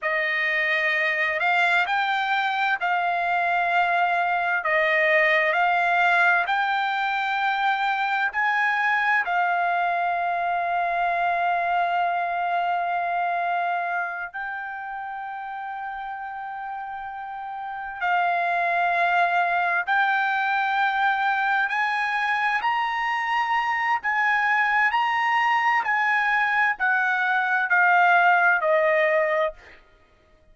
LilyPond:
\new Staff \with { instrumentName = "trumpet" } { \time 4/4 \tempo 4 = 65 dis''4. f''8 g''4 f''4~ | f''4 dis''4 f''4 g''4~ | g''4 gis''4 f''2~ | f''2.~ f''8 g''8~ |
g''2.~ g''8 f''8~ | f''4. g''2 gis''8~ | gis''8 ais''4. gis''4 ais''4 | gis''4 fis''4 f''4 dis''4 | }